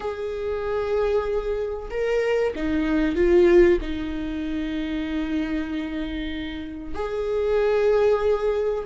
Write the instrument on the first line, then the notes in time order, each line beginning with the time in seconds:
viola
0.00 G#4
1.90 A#4
2.55 D#4
3.15 F4
3.81 D#4
6.94 G#4